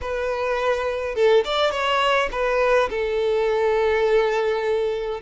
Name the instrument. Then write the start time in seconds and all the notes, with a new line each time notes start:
violin
0.01 B4
1.15 A4
1.44 D5
1.71 C#5
2.31 B4
2.90 A4